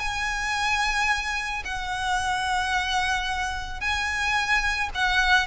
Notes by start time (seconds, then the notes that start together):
0.00 G#5
1.65 F#5
3.81 G#5
4.95 F#5